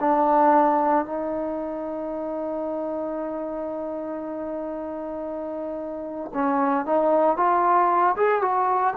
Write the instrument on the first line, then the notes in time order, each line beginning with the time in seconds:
trombone
0.00 D4
1.05 D#4
6.33 C#4
6.85 D#4
7.36 F4
8.16 G#4
8.41 F#4